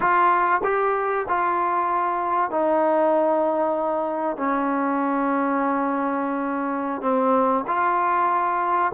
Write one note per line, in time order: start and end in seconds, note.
0.00 0.61 F4
0.63 1.26 G4
1.28 2.50 F4
2.50 4.36 D#4
4.36 7.01 C#4
7.01 7.64 C4
7.67 8.92 F4